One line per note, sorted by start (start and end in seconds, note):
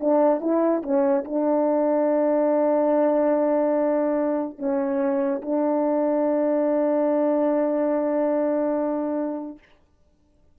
0.00 0.41 D4
0.41 0.82 E4
0.83 1.24 C#4
1.25 4.58 D4
4.58 5.41 C#4
5.42 9.58 D4